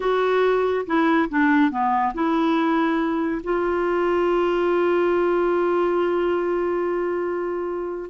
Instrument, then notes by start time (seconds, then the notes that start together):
clarinet
0.00 F#4
0.86 E4
1.29 D4
1.70 B3
2.14 E4
3.43 F4